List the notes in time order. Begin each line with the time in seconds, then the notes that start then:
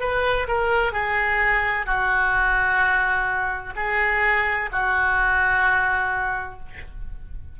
0.00 B4
0.47 A#4
0.92 G#4
1.86 F#4
3.76 G#4
4.72 F#4